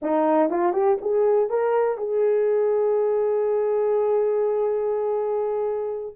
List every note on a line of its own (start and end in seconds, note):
0.02 0.50 D#4
0.50 0.72 F4
0.72 0.97 G4
1.01 1.49 G#4
1.49 1.97 A#4
1.97 6.15 G#4